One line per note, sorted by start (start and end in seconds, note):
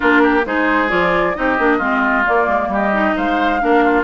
0.00 0.45 A#3
0.00 0.42 D4
0.00 0.22 F4
0.00 0.44 A#4
0.23 0.45 G4
0.45 0.91 G#3
0.45 0.88 D#4
0.45 1.37 G#4
0.45 0.90 C5
0.88 1.36 F3
0.88 1.33 F4
0.88 1.35 D5
1.34 1.58 C4
1.34 1.57 D#4
1.34 1.77 G4
1.34 2.25 D#5
1.58 1.80 A#3
1.58 1.80 D4
1.77 2.25 G#3
1.77 2.24 C4
1.77 2.67 F4
2.24 2.92 A#3
2.24 2.47 A#3
2.24 2.71 D5
2.47 2.67 G#3
2.67 3.13 G3
2.67 3.16 G4
2.74 3.17 D#5
2.92 3.60 D#4
3.16 3.62 G#3
3.16 3.61 C5
3.16 4.03 F5
3.60 4.03 A#3
3.60 4.03 D4
3.60 3.84 A#4
3.84 4.03 F4